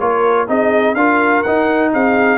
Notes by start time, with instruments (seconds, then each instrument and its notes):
0.00 tuba A#3, trombone F4, horn A#4, trumpet C#5
0.48 tuba C4, trombone D#4, horn G#4, trumpet D#5
0.95 tuba D4, trombone F4, horn A#4, trumpet F5
1.43 trombone D#4, tuba D#4, trumpet F#5
1.93 tuba C4, horn G#4, trumpet F5